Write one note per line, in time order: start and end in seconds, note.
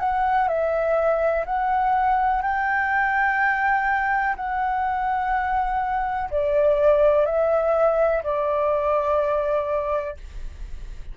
0.00 0.48 F#5
0.48 1.45 E5
1.46 2.43 F#5
2.43 4.36 G5
4.36 6.30 F#5
6.31 7.26 D5
7.26 8.23 E5
8.24 10.17 D5